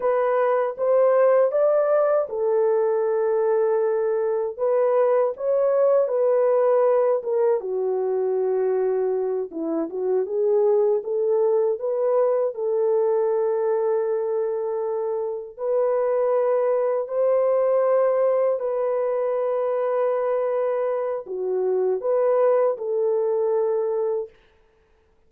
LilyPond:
\new Staff \with { instrumentName = "horn" } { \time 4/4 \tempo 4 = 79 b'4 c''4 d''4 a'4~ | a'2 b'4 cis''4 | b'4. ais'8 fis'2~ | fis'8 e'8 fis'8 gis'4 a'4 b'8~ |
b'8 a'2.~ a'8~ | a'8 b'2 c''4.~ | c''8 b'2.~ b'8 | fis'4 b'4 a'2 | }